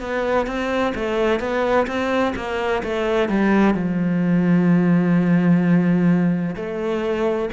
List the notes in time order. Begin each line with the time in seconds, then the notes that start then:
0.00 B3
0.46 C4
0.95 A3
1.39 B3
1.87 C4
2.35 A#3
2.83 A3
3.29 G3
3.74 F3
6.55 A3